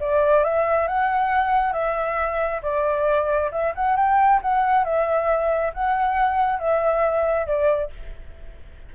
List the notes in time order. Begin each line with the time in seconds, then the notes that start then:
0.00 D5
0.44 E5
0.88 F#5
1.73 E5
2.63 D5
3.52 E5
3.75 F#5
3.96 G5
4.42 F#5
4.85 E5
5.74 F#5
6.59 E5
7.46 D5